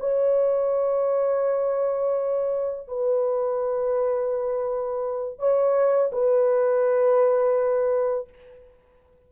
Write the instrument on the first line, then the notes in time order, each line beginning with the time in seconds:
horn
0.00 C#5
2.88 B4
5.39 C#5
6.12 B4